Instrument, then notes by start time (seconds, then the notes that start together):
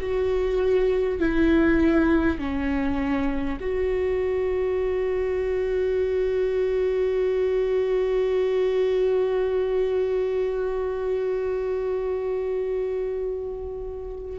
viola
0.00 F#4
1.19 E4
2.38 C#4
3.61 F#4